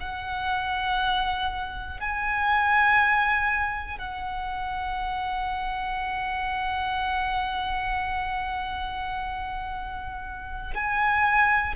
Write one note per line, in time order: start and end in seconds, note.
0.00 2.00 F#5
2.00 3.98 G#5
3.98 10.73 F#5
10.74 11.74 G#5